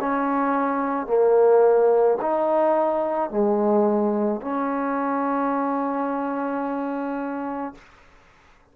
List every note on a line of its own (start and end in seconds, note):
0.00 1.07 C#4
1.07 2.18 A#3
2.21 3.30 D#4
3.30 4.41 G#3
4.41 7.74 C#4